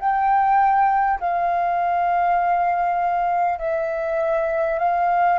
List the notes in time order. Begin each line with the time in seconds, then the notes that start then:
0.00 G5
1.20 F5
3.59 E5
4.79 F5